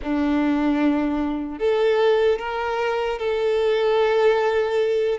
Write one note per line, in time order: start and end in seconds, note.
0.02 1.59 D4
1.59 2.38 A4
2.38 3.18 A#4
3.19 5.19 A4